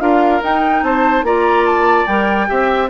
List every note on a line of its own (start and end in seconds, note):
0.00 0.41 D4
0.00 0.41 F4
0.00 0.84 A#4
0.00 0.42 F5
0.43 0.83 D#4
0.43 1.25 D#4
0.43 0.84 G5
0.83 1.23 C4
0.83 1.26 C5
0.83 1.25 A5
1.23 2.05 A#3
1.23 2.07 F4
1.23 2.49 D5
1.23 1.66 A#5
1.66 2.07 A5
2.07 2.48 G3
2.07 2.48 A#4
2.07 2.89 G5
2.48 2.90 C4
2.48 2.89 G4
2.48 2.90 E5